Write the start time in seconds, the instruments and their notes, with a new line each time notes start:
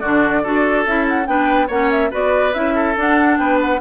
0.00 bassoon D3, clarinet D4, oboe F#4, flute D5
0.43 bassoon D4, clarinet F#4, oboe A4
0.86 bassoon C#4, clarinet E4, flute E5
1.08 flute F#5
1.26 bassoon B3, clarinet D4, oboe B4, flute G5
1.68 bassoon A#3, clarinet C#4, oboe C#5, flute F#5
1.91 flute E5
2.11 bassoon B3, clarinet F#4, oboe B4, flute D5
2.54 bassoon C#4, clarinet E4, flute E5
2.75 oboe A4
2.96 bassoon D4, clarinet D4, flute F#5
3.38 bassoon B3, oboe B4, flute G5
3.61 flute F#5